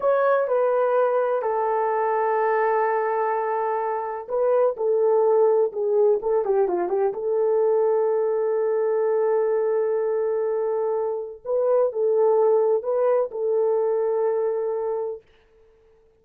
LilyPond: \new Staff \with { instrumentName = "horn" } { \time 4/4 \tempo 4 = 126 cis''4 b'2 a'4~ | a'1~ | a'4 b'4 a'2 | gis'4 a'8 g'8 f'8 g'8 a'4~ |
a'1~ | a'1 | b'4 a'2 b'4 | a'1 | }